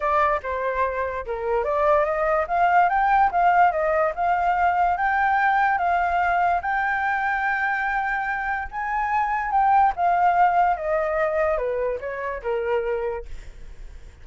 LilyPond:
\new Staff \with { instrumentName = "flute" } { \time 4/4 \tempo 4 = 145 d''4 c''2 ais'4 | d''4 dis''4 f''4 g''4 | f''4 dis''4 f''2 | g''2 f''2 |
g''1~ | g''4 gis''2 g''4 | f''2 dis''2 | b'4 cis''4 ais'2 | }